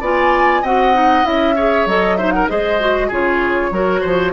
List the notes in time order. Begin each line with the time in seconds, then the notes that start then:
0.00 B3 F4 D5 G#5
0.62 C4 F#4 D#5 F#5
0.93 D#4
1.23 C#4 E4 E5
1.55 G#4 C#5
1.86 F#3 A4 D#5
2.16 D#4 C5 E5
2.31 A#4 F#5
2.49 G#3 G#4 C5 D#5
2.80 F#4
3.07 C#3 F4 G#4 C#5
3.70 F#3 F#4 A#4
4.01 F3 C5